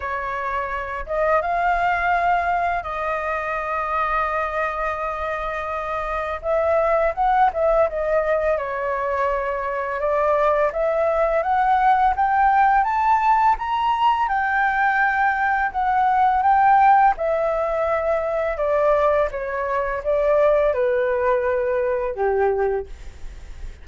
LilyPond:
\new Staff \with { instrumentName = "flute" } { \time 4/4 \tempo 4 = 84 cis''4. dis''8 f''2 | dis''1~ | dis''4 e''4 fis''8 e''8 dis''4 | cis''2 d''4 e''4 |
fis''4 g''4 a''4 ais''4 | g''2 fis''4 g''4 | e''2 d''4 cis''4 | d''4 b'2 g'4 | }